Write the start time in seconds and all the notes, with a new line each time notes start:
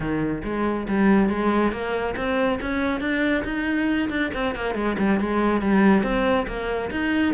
0.00 D#3
0.44 G#3
0.88 G3
1.29 G#3
1.72 A#3
2.16 C4
2.61 C#4
3.00 D4
3.44 D#4
4.09 D4
4.33 C4
4.55 A#3
4.74 G#3
4.98 G3
5.19 G#3
5.61 G3
6.03 C4
6.47 A#3
6.90 D#4